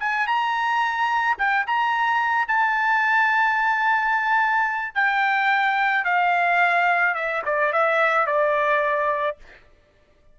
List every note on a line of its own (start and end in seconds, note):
0.00 0.27 G#5
0.27 1.37 A#5
1.38 1.66 G5
1.67 2.48 A#5
2.48 4.95 A5
4.95 6.05 G5
6.05 7.15 F5
7.15 7.42 E5
7.46 7.73 D5
7.73 8.27 E5
8.27 9.37 D5